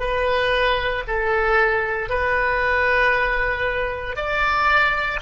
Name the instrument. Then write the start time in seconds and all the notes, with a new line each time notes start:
oboe
0.00 B4
1.08 A4
2.10 B4
4.17 D5